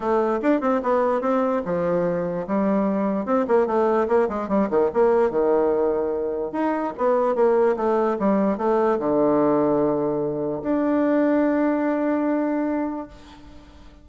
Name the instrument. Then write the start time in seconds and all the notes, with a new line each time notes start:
bassoon
0.00 A3
0.42 D4
0.60 C4
0.82 B3
1.21 C4
1.65 F3
2.47 G3
3.25 C4
3.47 A#3
3.66 A3
4.08 A#3
4.28 G#3
4.48 G3
4.69 D#3
4.93 A#3
5.30 D#3
6.52 D#4
6.97 B3
7.35 A#3
7.76 A3
8.19 G3
8.57 A3
8.99 D3
10.62 D4